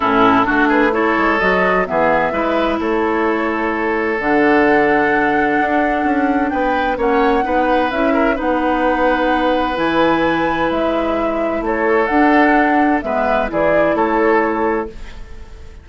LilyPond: <<
  \new Staff \with { instrumentName = "flute" } { \time 4/4 \tempo 4 = 129 a'4. b'8 cis''4 dis''4 | e''2 cis''2~ | cis''4 fis''2.~ | fis''2 g''4 fis''4~ |
fis''4 e''4 fis''2~ | fis''4 gis''2 e''4~ | e''4 cis''4 fis''2 | e''4 d''4 cis''2 | }
  \new Staff \with { instrumentName = "oboe" } { \time 4/4 e'4 fis'8 gis'8 a'2 | gis'4 b'4 a'2~ | a'1~ | a'2 b'4 cis''4 |
b'4. ais'8 b'2~ | b'1~ | b'4 a'2. | b'4 gis'4 a'2 | }
  \new Staff \with { instrumentName = "clarinet" } { \time 4/4 cis'4 d'4 e'4 fis'4 | b4 e'2.~ | e'4 d'2.~ | d'2. cis'4 |
dis'4 e'4 dis'2~ | dis'4 e'2.~ | e'2 d'2 | b4 e'2. | }
  \new Staff \with { instrumentName = "bassoon" } { \time 4/4 a,4 a4. gis8 fis4 | e4 gis4 a2~ | a4 d2. | d'4 cis'4 b4 ais4 |
b4 cis'4 b2~ | b4 e2 gis4~ | gis4 a4 d'2 | gis4 e4 a2 | }
>>